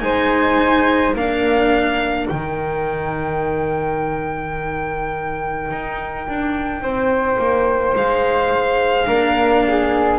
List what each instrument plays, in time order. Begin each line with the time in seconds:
0.00 double bass G#3, cello D#4, flute C5, violin G#5
1.14 double bass A#3, cello D4, flute A#4, violin F5
2.27 double bass D#3, cello D#4, violin G5
5.70 double bass D#4
6.27 double bass D4
6.81 double bass C4, flute C5
7.38 double bass A#3
7.95 double bass G#3, violin F5
9.06 double bass A#3, cello D4, flute A#4
9.67 flute G#4